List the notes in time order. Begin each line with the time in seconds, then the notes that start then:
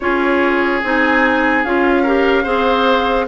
0.00 C#4 F4 G#4 C#5
0.82 C4 D#4 G#5
1.64 C#4 F4 F5
2.03 G4 A#4
2.43 C4 G#4 C5